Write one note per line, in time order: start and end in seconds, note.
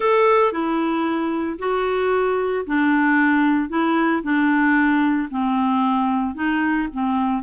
0.00 0.52 A4
0.52 1.58 E4
1.59 2.65 F#4
2.66 3.69 D4
3.69 4.22 E4
4.22 5.29 D4
5.30 6.35 C4
6.35 6.88 D#4
6.93 7.42 C4